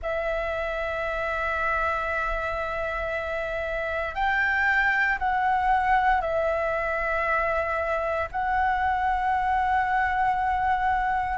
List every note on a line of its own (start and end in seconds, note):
0.02 4.14 E5
4.14 5.18 G5
5.18 6.21 F#5
6.21 8.28 E5
8.31 11.37 F#5